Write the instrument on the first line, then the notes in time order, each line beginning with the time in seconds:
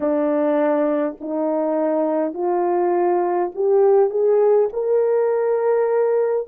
horn
0.00 D4
1.20 D#4
2.33 F4
3.55 G4
4.10 G#4
4.72 A#4